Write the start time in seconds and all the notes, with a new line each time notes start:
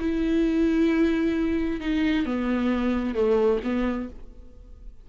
0.00 E4
1.81 D#4
2.26 B3
3.15 A3
3.64 B3